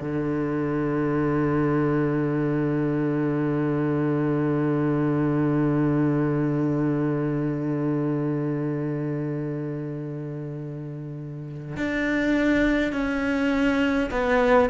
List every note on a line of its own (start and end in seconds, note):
0.00 11.76 D3
11.76 12.92 D4
12.92 14.10 C#4
14.11 14.70 B3